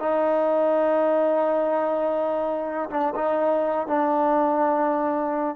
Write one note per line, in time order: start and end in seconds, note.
0.00 2.90 D#4
2.90 3.15 D4
3.16 3.88 D#4
3.88 5.56 D4